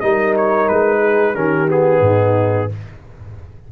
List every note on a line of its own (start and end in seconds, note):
0.00 0.69 G3
0.00 1.35 D#4
0.00 1.00 A#4
0.00 0.34 D#5
0.36 0.68 C#5
0.68 1.35 G#3
0.68 1.35 B4
1.00 1.33 G#4
1.35 2.01 D#3
1.35 1.68 C#4
1.35 2.01 G4
1.35 1.69 A#4
1.68 2.69 B3
1.68 2.72 G#4
2.01 2.68 G#2
2.01 2.69 D#4